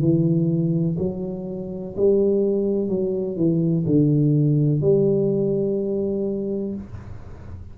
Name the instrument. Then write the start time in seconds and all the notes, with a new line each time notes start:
tuba
0.00 E3
0.99 F#3
1.97 G3
2.89 F#3
3.37 E3
3.86 D3
4.81 G3